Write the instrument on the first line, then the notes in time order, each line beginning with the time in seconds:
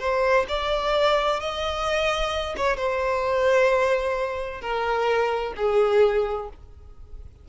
violin
0.00 C5
0.49 D5
1.40 D#5
2.57 C#5
2.77 C5
4.62 A#4
5.57 G#4